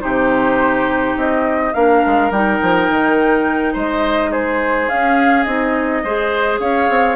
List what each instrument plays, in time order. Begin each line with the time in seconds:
0.00 bassoon C3, clarinet D#4, oboe G4, flute C5
1.16 bassoon C4, flute D#5
1.74 bassoon A#3, clarinet D4, oboe A#4, flute F5
2.06 bassoon G#3
2.30 bassoon G3, clarinet D#4, flute G5
2.62 bassoon F3
2.89 bassoon D#3
3.73 bassoon G#3, oboe C5, flute D#5
4.31 oboe G#4, flute C5
4.89 clarinet C#4, bassoon C#4, flute F5
5.43 bassoon C4, clarinet D#4, flute D#5
6.03 bassoon G#3, clarinet G#4, oboe C5
6.59 bassoon C#4, oboe C#5, flute F5
6.89 bassoon C4